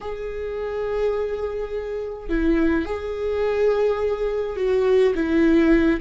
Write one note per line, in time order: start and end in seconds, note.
0.00 2.29 G#4
2.29 2.85 E4
2.85 4.56 G#4
4.56 5.13 F#4
5.14 6.00 E4